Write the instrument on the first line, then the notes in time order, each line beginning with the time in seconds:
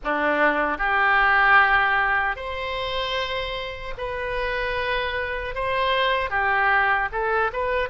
oboe
0.03 D4
0.78 G4
2.35 C5
3.97 B4
5.54 C5
6.29 G4
7.12 A4
7.53 B4